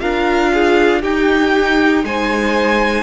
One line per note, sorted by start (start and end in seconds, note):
0.00 1.04 D4
0.00 1.03 F4
0.00 0.52 A#4
0.00 1.02 F5
0.53 1.02 G#4
1.02 2.04 D#4
1.02 3.03 D#4
1.02 2.04 G4
1.02 2.05 G5
2.04 3.03 G#3
2.04 3.03 C5
2.04 3.03 G#5